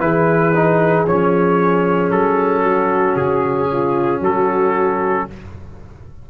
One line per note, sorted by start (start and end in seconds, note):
0.00 1.05 E3
0.00 0.53 E4
0.00 2.64 G#4
0.00 1.06 B4
0.55 1.08 D#4
1.07 2.11 F3
1.07 5.30 C#4
1.07 2.11 C#5
2.11 3.16 F#3
2.11 3.16 A4
2.64 3.69 F#4
3.16 4.21 C#3
3.16 4.22 G#4
3.72 4.21 F4
4.21 5.26 F#3
4.21 5.26 F#4
4.21 5.29 A4